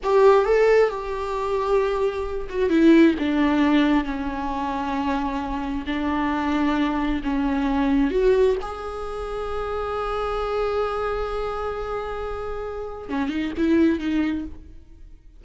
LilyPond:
\new Staff \with { instrumentName = "viola" } { \time 4/4 \tempo 4 = 133 g'4 a'4 g'2~ | g'4. fis'8 e'4 d'4~ | d'4 cis'2.~ | cis'4 d'2. |
cis'2 fis'4 gis'4~ | gis'1~ | gis'1~ | gis'4 cis'8 dis'8 e'4 dis'4 | }